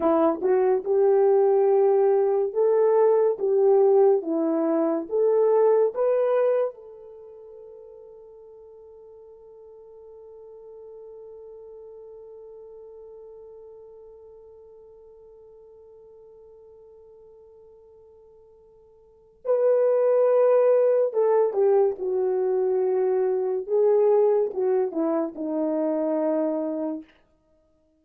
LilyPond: \new Staff \with { instrumentName = "horn" } { \time 4/4 \tempo 4 = 71 e'8 fis'8 g'2 a'4 | g'4 e'4 a'4 b'4 | a'1~ | a'1~ |
a'1~ | a'2. b'4~ | b'4 a'8 g'8 fis'2 | gis'4 fis'8 e'8 dis'2 | }